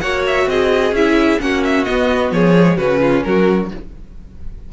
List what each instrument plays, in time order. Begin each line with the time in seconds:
0.00 cello A#3, viola F#4, violin C#5 F#5
0.27 violin E5
0.47 cello C4, violin G#4 D#5
0.92 cello C#4, viola E4, violin E5
1.40 cello A#3, viola C#4, violin F#4 F#5
1.64 violin E5
1.85 viola B3, cello B3, violin D#5
2.32 cello F3, violin G#4 C#5
2.59 viola G#3
2.77 cello C#3, viola C#4, violin F#4 B4
3.01 violin F4
3.24 cello F#3, violin F#4 A#4